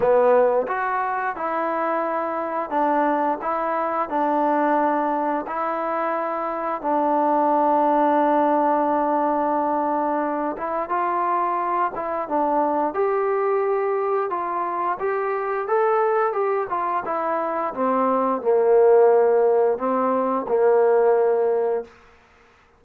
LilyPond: \new Staff \with { instrumentName = "trombone" } { \time 4/4 \tempo 4 = 88 b4 fis'4 e'2 | d'4 e'4 d'2 | e'2 d'2~ | d'2.~ d'8 e'8 |
f'4. e'8 d'4 g'4~ | g'4 f'4 g'4 a'4 | g'8 f'8 e'4 c'4 ais4~ | ais4 c'4 ais2 | }